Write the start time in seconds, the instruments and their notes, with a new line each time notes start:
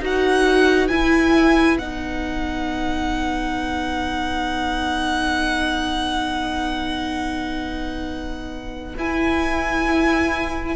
0.00 cello D#4, viola F#4, violin B4 F#5
0.88 viola E4, cello E4, violin G#5
1.79 cello B3, viola D#4, violin F#5
8.97 cello E4, viola E4, violin G#5